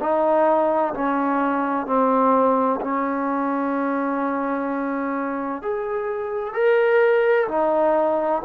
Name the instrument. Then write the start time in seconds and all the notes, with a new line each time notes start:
trombone
0.00 D#4
0.94 C#4
1.86 C4
2.81 C#4
5.62 G#4
6.54 A#4
7.48 D#4